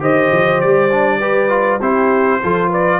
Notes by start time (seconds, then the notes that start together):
0.00 D#3 G4 C5 D#5
0.33 F3
0.61 G3 D5
0.92 D4
1.20 G4 B4
1.50 F4
1.80 C4 E4 G4 C5
2.43 F3 F4 A4
2.69 B4 D5